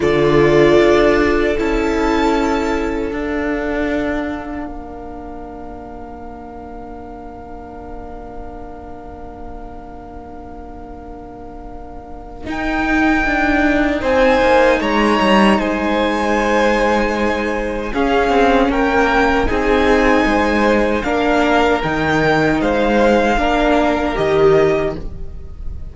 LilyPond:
<<
  \new Staff \with { instrumentName = "violin" } { \time 4/4 \tempo 4 = 77 d''2 a''2 | f''1~ | f''1~ | f''1 |
g''2 gis''4 ais''4 | gis''2. f''4 | g''4 gis''2 f''4 | g''4 f''2 dis''4 | }
  \new Staff \with { instrumentName = "violin" } { \time 4/4 a'1~ | a'2 ais'2~ | ais'1~ | ais'1~ |
ais'2 c''4 cis''4 | c''2. gis'4 | ais'4 gis'4 c''4 ais'4~ | ais'4 c''4 ais'2 | }
  \new Staff \with { instrumentName = "viola" } { \time 4/4 f'2 e'2 | d'1~ | d'1~ | d'1 |
dis'1~ | dis'2. cis'4~ | cis'4 dis'2 d'4 | dis'2 d'4 g'4 | }
  \new Staff \with { instrumentName = "cello" } { \time 4/4 d4 d'4 cis'2 | d'2 ais2~ | ais1~ | ais1 |
dis'4 d'4 c'8 ais8 gis8 g8 | gis2. cis'8 c'8 | ais4 c'4 gis4 ais4 | dis4 gis4 ais4 dis4 | }
>>